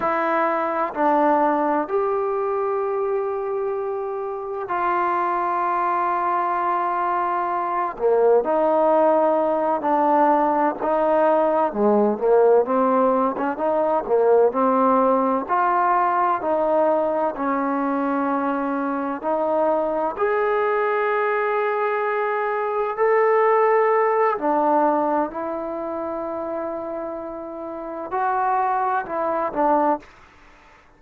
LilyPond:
\new Staff \with { instrumentName = "trombone" } { \time 4/4 \tempo 4 = 64 e'4 d'4 g'2~ | g'4 f'2.~ | f'8 ais8 dis'4. d'4 dis'8~ | dis'8 gis8 ais8 c'8. cis'16 dis'8 ais8 c'8~ |
c'8 f'4 dis'4 cis'4.~ | cis'8 dis'4 gis'2~ gis'8~ | gis'8 a'4. d'4 e'4~ | e'2 fis'4 e'8 d'8 | }